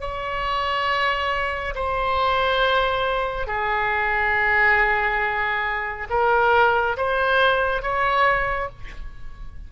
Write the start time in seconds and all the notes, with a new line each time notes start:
0.00 C#5
1.74 C5
3.46 G#4
6.09 A#4
6.96 C5
7.82 C#5